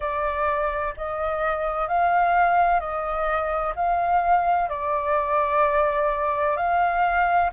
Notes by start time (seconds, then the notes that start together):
0.00 D5
0.96 D#5
1.87 F5
2.80 D#5
3.75 F5
4.69 D5
6.56 F5